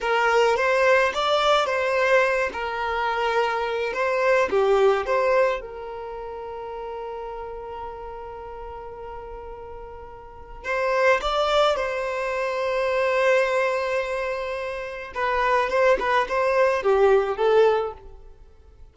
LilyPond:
\new Staff \with { instrumentName = "violin" } { \time 4/4 \tempo 4 = 107 ais'4 c''4 d''4 c''4~ | c''8 ais'2~ ais'8 c''4 | g'4 c''4 ais'2~ | ais'1~ |
ais'2. c''4 | d''4 c''2.~ | c''2. b'4 | c''8 b'8 c''4 g'4 a'4 | }